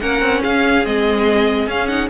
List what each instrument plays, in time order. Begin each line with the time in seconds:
0.00 cello A#3, viola C#4, violin A#4 F#5
0.21 cello C4
0.41 cello C#4, violin G#4 F5
0.84 cello G#3, viola C4, violin D#5
1.67 cello C#4, viola C#4, violin F5
1.88 viola D#4, violin F#5